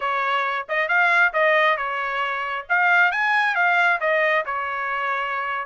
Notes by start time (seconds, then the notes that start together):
0.00 C#5
0.68 D#5
0.88 F5
1.33 D#5
1.77 C#5
2.69 F5
3.11 G#5
3.55 F5
4.00 D#5
4.45 C#5